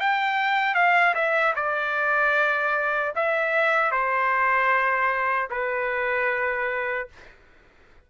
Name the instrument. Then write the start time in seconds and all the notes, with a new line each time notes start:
trumpet
0.00 G5
0.75 F5
1.14 E5
1.55 D5
3.15 E5
3.92 C5
5.50 B4